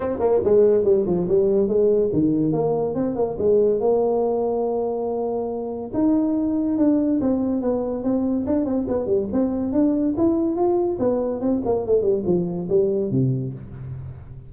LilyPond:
\new Staff \with { instrumentName = "tuba" } { \time 4/4 \tempo 4 = 142 c'8 ais8 gis4 g8 f8 g4 | gis4 dis4 ais4 c'8 ais8 | gis4 ais2.~ | ais2 dis'2 |
d'4 c'4 b4 c'4 | d'8 c'8 b8 g8 c'4 d'4 | e'4 f'4 b4 c'8 ais8 | a8 g8 f4 g4 c4 | }